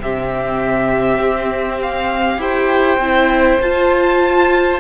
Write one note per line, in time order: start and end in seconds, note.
0.00 1.20 C3
0.00 2.38 C4
0.00 2.41 G4
0.00 1.82 E5
1.20 2.38 C4
1.82 2.42 F5
2.38 2.98 E4
2.38 2.98 G4
2.38 4.80 C5
2.38 3.62 G5
2.98 3.58 C4
2.98 3.62 E4
3.61 4.80 F4
3.61 4.80 A5